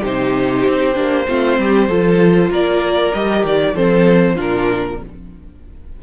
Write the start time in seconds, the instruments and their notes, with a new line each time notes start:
0.00 cello C3, viola D#4, violin G4 C5
0.67 cello C4
0.94 cello A#3, viola D4
1.28 cello A3, viola C4, violin F4
1.58 cello G3, violin G4
1.88 cello F3, viola F4, violin A4
2.50 cello A#3, violin A#4 D5
3.14 cello G3, viola G4, violin D#5
3.44 cello D#3, violin D5
3.74 cello F3, viola C4, violin A4 C5
4.35 cello A#2, viola D4, violin F4
4.41 violin A#4